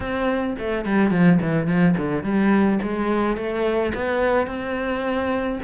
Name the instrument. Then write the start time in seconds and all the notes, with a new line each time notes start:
cello
0.00 C4
0.58 A3
0.85 G3
1.10 F3
1.41 E3
1.67 F3
1.97 D3
2.23 G3
2.82 G#3
3.36 A3
3.94 B3
4.47 C4